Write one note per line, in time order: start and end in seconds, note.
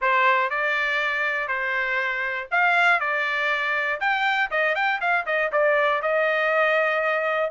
0.01 0.50 C5
0.50 1.47 D5
1.47 2.48 C5
2.51 3.00 F5
3.00 4.00 D5
4.00 4.50 G5
4.50 4.75 D#5
4.75 5.00 G5
5.00 5.25 F5
5.26 5.51 D#5
5.51 6.01 D5
6.02 7.50 D#5